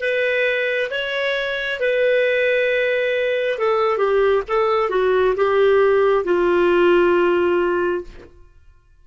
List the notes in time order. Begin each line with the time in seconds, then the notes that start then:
0.00 B4
0.90 C#5
1.80 B4
3.58 A4
3.98 G4
4.48 A4
4.89 F#4
5.36 G4
6.24 F4